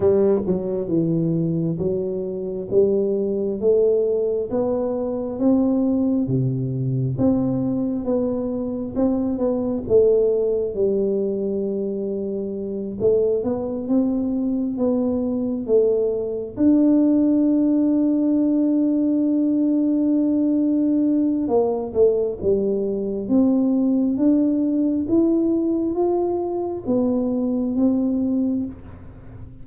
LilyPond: \new Staff \with { instrumentName = "tuba" } { \time 4/4 \tempo 4 = 67 g8 fis8 e4 fis4 g4 | a4 b4 c'4 c4 | c'4 b4 c'8 b8 a4 | g2~ g8 a8 b8 c'8~ |
c'8 b4 a4 d'4.~ | d'1 | ais8 a8 g4 c'4 d'4 | e'4 f'4 b4 c'4 | }